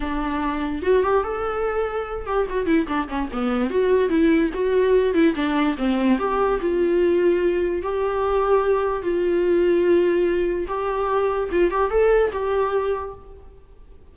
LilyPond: \new Staff \with { instrumentName = "viola" } { \time 4/4 \tempo 4 = 146 d'2 fis'8 g'8 a'4~ | a'4. g'8 fis'8 e'8 d'8 cis'8 | b4 fis'4 e'4 fis'4~ | fis'8 e'8 d'4 c'4 g'4 |
f'2. g'4~ | g'2 f'2~ | f'2 g'2 | f'8 g'8 a'4 g'2 | }